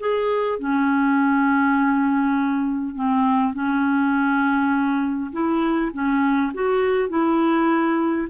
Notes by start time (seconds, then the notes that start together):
0.00 G#4
0.59 C#4
2.95 C4
3.54 C#4
5.32 E4
5.93 C#4
6.54 F#4
7.09 E4